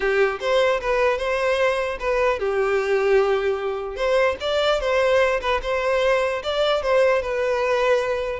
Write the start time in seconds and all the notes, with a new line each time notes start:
0.00 G4
0.40 C5
0.81 B4
1.18 C5
1.99 B4
2.39 G4
3.96 C5
4.40 D5
4.80 C5
5.40 B4
5.62 C5
6.43 D5
6.82 C5
7.22 B4